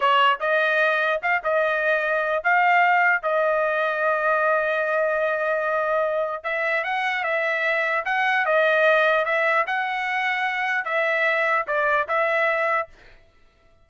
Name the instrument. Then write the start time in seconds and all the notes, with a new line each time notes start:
trumpet
0.00 C#5
0.40 D#5
1.22 F5
1.43 D#5
2.43 F5
3.22 D#5
6.43 E5
6.84 F#5
7.23 E5
8.05 F#5
8.45 D#5
9.25 E5
9.66 F#5
10.84 E5
11.67 D5
12.07 E5